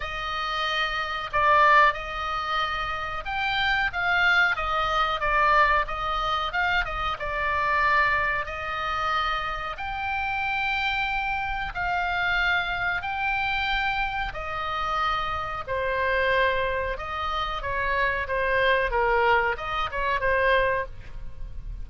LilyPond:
\new Staff \with { instrumentName = "oboe" } { \time 4/4 \tempo 4 = 92 dis''2 d''4 dis''4~ | dis''4 g''4 f''4 dis''4 | d''4 dis''4 f''8 dis''8 d''4~ | d''4 dis''2 g''4~ |
g''2 f''2 | g''2 dis''2 | c''2 dis''4 cis''4 | c''4 ais'4 dis''8 cis''8 c''4 | }